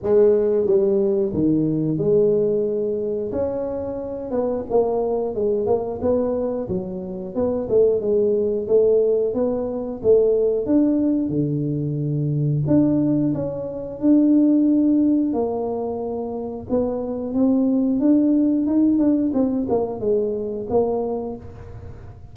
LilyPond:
\new Staff \with { instrumentName = "tuba" } { \time 4/4 \tempo 4 = 90 gis4 g4 dis4 gis4~ | gis4 cis'4. b8 ais4 | gis8 ais8 b4 fis4 b8 a8 | gis4 a4 b4 a4 |
d'4 d2 d'4 | cis'4 d'2 ais4~ | ais4 b4 c'4 d'4 | dis'8 d'8 c'8 ais8 gis4 ais4 | }